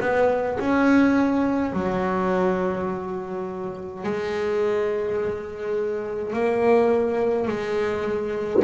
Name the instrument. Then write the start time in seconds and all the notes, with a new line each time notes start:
double bass
0.00 B3
0.59 C#4
1.72 F#3
4.03 G#3
6.33 A#3
7.47 G#3